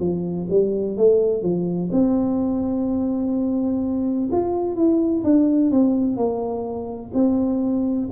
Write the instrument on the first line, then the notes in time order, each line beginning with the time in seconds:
tuba
0.00 F3
0.50 G3
0.97 A3
1.42 F3
1.92 C4
4.32 F4
4.76 E4
5.24 D4
5.71 C4
6.16 A#3
7.14 C4